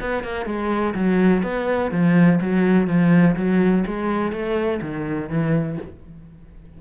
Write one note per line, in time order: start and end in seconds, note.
0.00 0.23 B3
0.23 0.45 A#3
0.45 0.94 G#3
0.94 1.42 F#3
1.43 1.91 B3
1.91 2.39 F3
2.40 2.87 F#3
2.87 3.35 F3
3.36 3.84 F#3
3.86 4.32 G#3
4.32 4.80 A3
4.81 5.29 D#3
5.29 5.77 E3